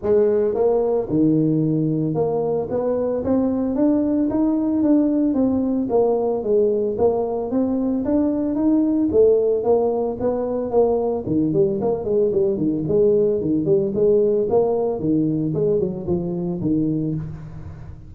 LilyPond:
\new Staff \with { instrumentName = "tuba" } { \time 4/4 \tempo 4 = 112 gis4 ais4 dis2 | ais4 b4 c'4 d'4 | dis'4 d'4 c'4 ais4 | gis4 ais4 c'4 d'4 |
dis'4 a4 ais4 b4 | ais4 dis8 g8 ais8 gis8 g8 dis8 | gis4 dis8 g8 gis4 ais4 | dis4 gis8 fis8 f4 dis4 | }